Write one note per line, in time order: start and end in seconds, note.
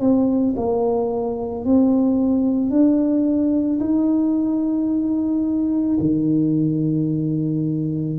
0.00 0.55 C4
0.57 1.65 A#3
1.65 2.71 C4
2.71 3.80 D4
3.80 5.98 D#4
6.00 8.19 D#3